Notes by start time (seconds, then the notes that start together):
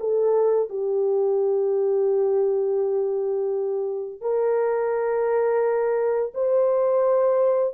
0.00 A4
0.70 G4
4.21 A#4
6.35 C5